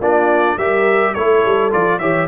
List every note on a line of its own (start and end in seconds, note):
0.00 0.57 A#3
0.00 0.59 D4
0.00 0.57 F4
0.00 0.58 D5
0.58 1.14 G3
0.58 1.16 G4
0.58 1.14 A#4
0.58 1.14 E5
1.14 1.45 A3
1.14 1.71 E4
1.14 2.00 A4
1.14 1.71 C#5
1.45 1.73 G3
1.71 2.00 F3
1.71 2.00 F4
1.71 1.99 D5
1.99 2.28 E3
1.99 2.28 G4
1.99 2.28 C#5
1.99 2.27 E5